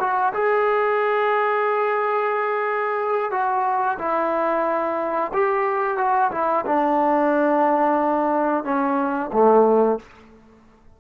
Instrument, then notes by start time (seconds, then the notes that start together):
trombone
0.00 F#4
0.33 G#4
3.31 F#4
3.98 E4
5.33 G4
5.98 F#4
6.32 E4
6.66 D4
8.64 C#4
9.32 A3